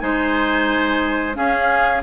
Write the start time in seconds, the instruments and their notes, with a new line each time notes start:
0.00 bassoon G#3, clarinet D#4, oboe C5, flute G#5
1.34 clarinet C#4, bassoon C#4, oboe G#4, flute F5